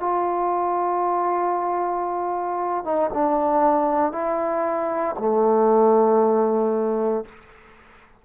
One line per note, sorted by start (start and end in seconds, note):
0.00 2.84 F4
2.85 3.11 D#4
3.14 4.12 D4
4.12 5.16 E4
5.19 7.26 A3